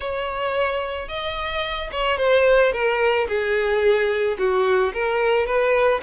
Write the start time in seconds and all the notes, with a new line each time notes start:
0.00 C#5
1.08 D#5
1.91 C#5
2.17 C5
2.72 A#4
3.28 G#4
4.38 F#4
4.93 A#4
5.46 B4